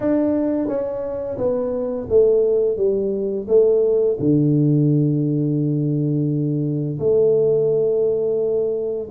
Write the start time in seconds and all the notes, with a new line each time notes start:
0.00 D4
0.67 C#4
1.37 B3
2.09 A3
2.77 G3
3.48 A3
4.19 D3
6.99 A3